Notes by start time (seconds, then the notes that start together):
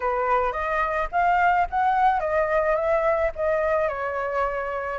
0.00 B4
0.52 D#5
1.11 F5
1.70 F#5
2.20 D#5
2.75 E5
3.35 D#5
3.88 C#5